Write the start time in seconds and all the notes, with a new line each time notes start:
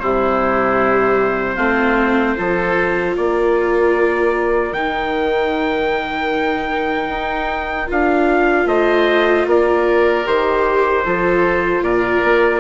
0.00 C3 G3 E4 C5
1.55 A3 C4 F4
2.36 F3 F4 A4
3.17 A#3 A#4 D5
4.73 D#3 D#4 G5
7.09 D#4
7.87 D4 F4 F5
8.66 A3 C5 D#5
9.47 A#3 A#4 D5
10.25 D#3 G4 C5
11.05 F3 F4 A4
11.81 A#2 A#4 D5
12.24 A#3